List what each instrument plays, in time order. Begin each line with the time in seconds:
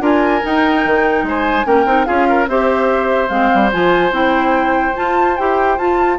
0.00 bassoon D4, clarinet F4, oboe A#4, flute G#5
0.42 clarinet D#4, bassoon D#4, flute G5
0.85 bassoon D#3
1.23 bassoon G#3, oboe C5, flute G#5
1.65 bassoon A#3, clarinet C#4, oboe A#4, flute G5
1.86 bassoon C4, clarinet D#4
2.05 bassoon C#4, clarinet F4, oboe G#4, flute F5
2.29 oboe A#4
2.47 bassoon C4, clarinet G4, oboe C5, flute E5
3.29 bassoon G#3, clarinet C4, flute F5
3.54 bassoon G3
3.72 bassoon F3, clarinet F4, flute G#5
4.11 bassoon C4, clarinet E4, flute G5
4.95 clarinet F4, bassoon F4, flute A5
5.37 bassoon E4, clarinet G4, flute G5
5.78 bassoon F4, clarinet F4, flute A5